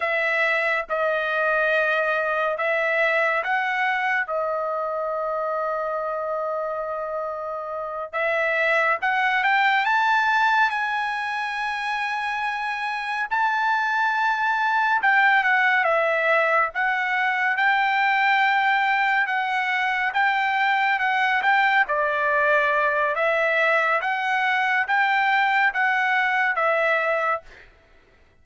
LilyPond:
\new Staff \with { instrumentName = "trumpet" } { \time 4/4 \tempo 4 = 70 e''4 dis''2 e''4 | fis''4 dis''2.~ | dis''4. e''4 fis''8 g''8 a''8~ | a''8 gis''2. a''8~ |
a''4. g''8 fis''8 e''4 fis''8~ | fis''8 g''2 fis''4 g''8~ | g''8 fis''8 g''8 d''4. e''4 | fis''4 g''4 fis''4 e''4 | }